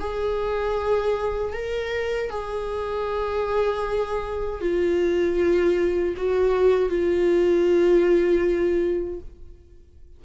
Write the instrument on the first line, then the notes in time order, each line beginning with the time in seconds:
viola
0.00 G#4
1.53 A#4
2.31 G#4
4.62 F4
6.17 F#4
6.90 F4